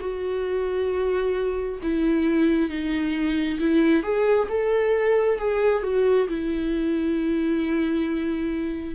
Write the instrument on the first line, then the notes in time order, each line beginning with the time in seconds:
viola
0.00 F#4
1.82 E4
2.69 D#4
3.59 E4
4.03 G#4
4.49 A4
5.39 G#4
5.83 F#4
6.28 E4